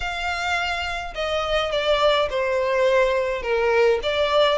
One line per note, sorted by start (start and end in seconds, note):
0.00 1.14 F5
1.14 1.71 D#5
1.71 2.28 D5
2.30 3.42 C5
3.42 3.99 A#4
4.02 4.58 D5